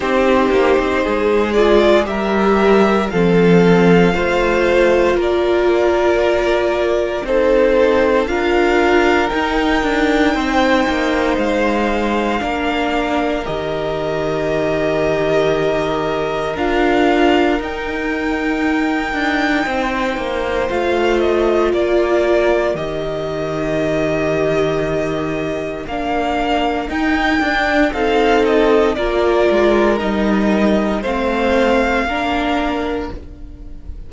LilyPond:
<<
  \new Staff \with { instrumentName = "violin" } { \time 4/4 \tempo 4 = 58 c''4. d''8 e''4 f''4~ | f''4 d''2 c''4 | f''4 g''2 f''4~ | f''4 dis''2. |
f''4 g''2. | f''8 dis''8 d''4 dis''2~ | dis''4 f''4 g''4 f''8 dis''8 | d''4 dis''4 f''2 | }
  \new Staff \with { instrumentName = "violin" } { \time 4/4 g'4 gis'4 ais'4 a'4 | c''4 ais'2 a'4 | ais'2 c''2 | ais'1~ |
ais'2. c''4~ | c''4 ais'2.~ | ais'2. a'4 | ais'2 c''4 ais'4 | }
  \new Staff \with { instrumentName = "viola" } { \time 4/4 dis'4. f'8 g'4 c'4 | f'2. dis'4 | f'4 dis'2. | d'4 g'2. |
f'4 dis'2. | f'2 g'2~ | g'4 d'4 dis'8 d'8 dis'4 | f'4 dis'4 c'4 d'4 | }
  \new Staff \with { instrumentName = "cello" } { \time 4/4 c'8 ais16 c'16 gis4 g4 f4 | a4 ais2 c'4 | d'4 dis'8 d'8 c'8 ais8 gis4 | ais4 dis2. |
d'4 dis'4. d'8 c'8 ais8 | a4 ais4 dis2~ | dis4 ais4 dis'8 d'8 c'4 | ais8 gis8 g4 a4 ais4 | }
>>